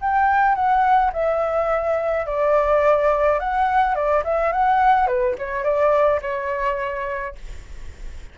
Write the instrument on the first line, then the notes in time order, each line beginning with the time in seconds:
flute
0.00 G5
0.55 F#5
1.13 E5
2.26 D5
3.39 F#5
3.95 D5
4.24 E5
4.52 F#5
5.07 B4
5.38 C#5
5.63 D5
6.22 C#5